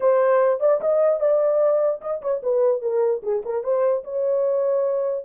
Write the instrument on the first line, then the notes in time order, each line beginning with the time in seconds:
horn
0.00 C5
0.60 D5
0.81 D#5
1.20 D5
2.01 D#5
2.21 C#5
2.43 B4
2.81 A#4
3.22 G#4
3.45 A#4
3.63 C5
4.04 C#5